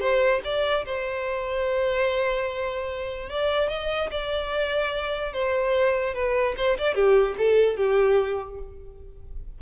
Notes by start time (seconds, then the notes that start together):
0.00 C5
0.44 D5
0.85 C5
3.29 D5
3.69 D#5
4.11 D5
5.33 C5
6.14 B4
6.57 C5
6.78 D5
6.94 G4
7.38 A4
7.76 G4